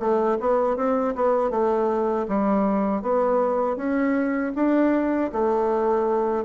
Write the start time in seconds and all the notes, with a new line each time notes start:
0.00 A3
0.40 B3
0.77 C4
1.15 B3
1.51 A3
2.29 G3
3.02 B3
3.77 C#4
4.56 D4
5.33 A3